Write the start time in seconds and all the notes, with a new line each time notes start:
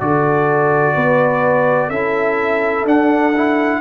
0.00 D3 F#4 A4 D5
0.94 B3 B4
1.87 C#4 E4 A4 E5
2.84 D4 F#5
3.36 E4